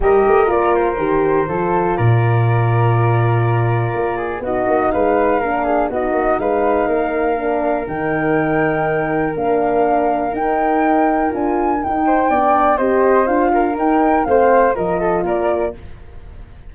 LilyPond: <<
  \new Staff \with { instrumentName = "flute" } { \time 4/4 \tempo 4 = 122 dis''4 d''8 c''2~ c''8 | d''1~ | d''4 dis''4 f''2 | dis''4 f''2. |
g''2. f''4~ | f''4 g''2 gis''4 | g''2 dis''4 f''4 | g''4 f''4 dis''4 d''4 | }
  \new Staff \with { instrumentName = "flute" } { \time 4/4 ais'2. a'4 | ais'1~ | ais'8 gis'8 fis'4 b'4 ais'8 gis'8 | fis'4 b'4 ais'2~ |
ais'1~ | ais'1~ | ais'8 c''8 d''4 c''4. ais'8~ | ais'4 c''4 ais'8 a'8 ais'4 | }
  \new Staff \with { instrumentName = "horn" } { \time 4/4 g'4 f'4 g'4 f'4~ | f'1~ | f'4 dis'2 d'4 | dis'2. d'4 |
dis'2. d'4~ | d'4 dis'2 f'4 | dis'4 d'4 g'4 f'4 | dis'4 c'4 f'2 | }
  \new Staff \with { instrumentName = "tuba" } { \time 4/4 g8 a8 ais4 dis4 f4 | ais,1 | ais4 b8 ais8 gis4 ais4 | b8 ais8 gis4 ais2 |
dis2. ais4~ | ais4 dis'2 d'4 | dis'4 b4 c'4 d'4 | dis'4 a4 f4 ais4 | }
>>